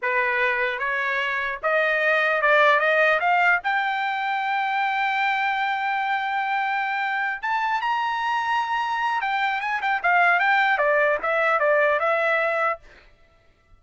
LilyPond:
\new Staff \with { instrumentName = "trumpet" } { \time 4/4 \tempo 4 = 150 b'2 cis''2 | dis''2 d''4 dis''4 | f''4 g''2.~ | g''1~ |
g''2~ g''8 a''4 ais''8~ | ais''2. g''4 | gis''8 g''8 f''4 g''4 d''4 | e''4 d''4 e''2 | }